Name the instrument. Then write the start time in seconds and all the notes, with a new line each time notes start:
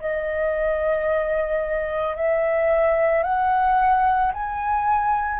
flute
0.00 D#5
2.16 E5
3.23 F#5
4.33 G#5